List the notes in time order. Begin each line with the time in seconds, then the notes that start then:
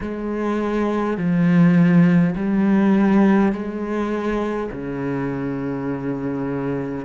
0.01 G#3
1.17 F3
2.35 G3
3.52 G#3
4.71 C#3